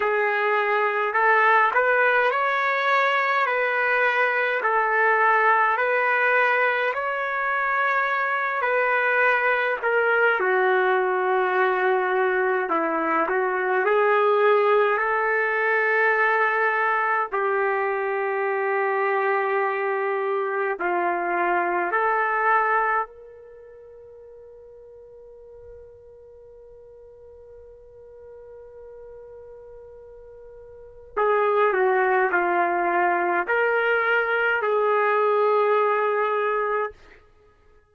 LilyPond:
\new Staff \with { instrumentName = "trumpet" } { \time 4/4 \tempo 4 = 52 gis'4 a'8 b'8 cis''4 b'4 | a'4 b'4 cis''4. b'8~ | b'8 ais'8 fis'2 e'8 fis'8 | gis'4 a'2 g'4~ |
g'2 f'4 a'4 | ais'1~ | ais'2. gis'8 fis'8 | f'4 ais'4 gis'2 | }